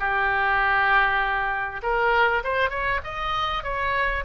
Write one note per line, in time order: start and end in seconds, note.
0.00 1.82 G4
1.83 2.44 A#4
2.44 2.71 C5
2.71 3.01 C#5
3.04 3.64 D#5
3.64 4.25 C#5